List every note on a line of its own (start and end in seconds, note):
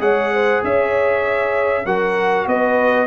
0.00 0.62 G#3
0.00 1.84 G#4
0.00 0.33 C#5
0.00 0.63 F#5
0.34 0.64 C5
0.64 1.86 C#4
0.64 1.86 C#5
0.64 1.87 E5
1.86 2.47 F#3
1.86 3.08 F#4
1.86 2.47 A#4
1.86 2.48 F#5
2.47 3.08 B3
2.47 3.08 B4
2.47 3.08 D#5